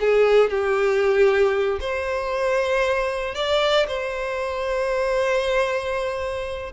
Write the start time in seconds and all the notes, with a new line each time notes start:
0.00 G#4
0.50 G4
1.81 C5
3.35 D5
3.88 C5